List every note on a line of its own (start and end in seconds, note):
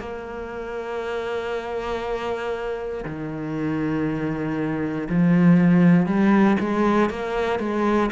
0.00 3.05 A#3
3.05 5.08 D#3
5.09 6.06 F3
6.06 6.57 G3
6.60 7.10 G#3
7.10 7.59 A#3
7.59 8.10 G#3